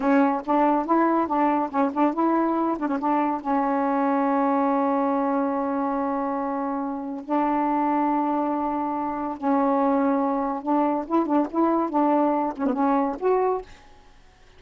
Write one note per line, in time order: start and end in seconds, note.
0.00 0.42 C#4
0.45 0.85 D4
0.85 1.27 E4
1.27 1.69 D4
1.70 1.91 C#4
1.93 2.13 D4
2.13 2.77 E4
2.79 2.87 D4
2.87 2.98 C#4
2.99 3.40 D4
3.40 7.23 C#4
7.25 9.37 D4
9.37 10.62 C#4
10.62 11.05 D4
11.07 11.26 E4
11.26 11.47 D4
11.50 11.89 E4
11.89 12.53 D4
12.56 12.66 C#4
12.66 12.73 B3
12.73 13.16 C#4
13.19 13.62 F#4